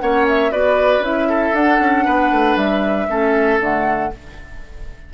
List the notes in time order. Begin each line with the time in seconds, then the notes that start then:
0.00 A#3 C#4 C#5 F#5
0.28 E5
0.51 B3 F#4 B4 D5
0.99 C#4 E4 E5
1.29 A4
1.53 D4 F#5
1.79 C#4
2.05 B3 B4
2.31 A3
2.56 G3 E5
3.09 A3 C#4 A4
3.59 D3 A3 F#5